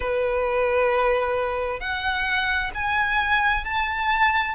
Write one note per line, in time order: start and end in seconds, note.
0.00 1.80 B4
1.80 2.71 F#5
2.74 3.64 G#5
3.64 4.55 A5